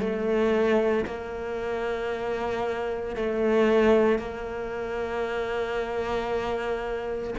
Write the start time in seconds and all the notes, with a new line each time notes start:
0.00 A3
1.05 A#3
3.16 A3
4.19 A#3